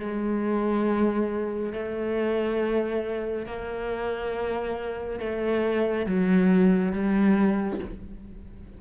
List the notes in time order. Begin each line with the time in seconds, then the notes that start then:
0.00 G#3
1.73 A3
3.47 A#3
5.20 A3
6.06 F#3
6.93 G3